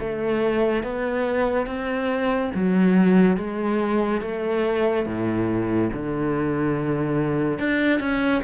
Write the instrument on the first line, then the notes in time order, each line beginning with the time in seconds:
cello
0.00 A3
0.84 B3
1.67 C4
2.55 F#3
3.37 G#3
4.22 A3
5.06 A2
5.93 D3
7.59 D4
8.00 C#4